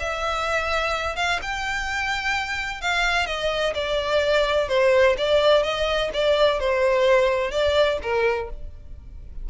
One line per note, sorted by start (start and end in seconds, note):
0.00 1.16 E5
1.16 1.40 F5
1.43 2.82 G5
2.82 3.27 F5
3.27 3.74 D#5
3.75 4.69 D5
4.69 5.16 C5
5.18 5.64 D5
5.64 6.11 D#5
6.14 6.60 D5
6.60 7.52 C5
7.52 7.99 D5
8.03 8.50 A#4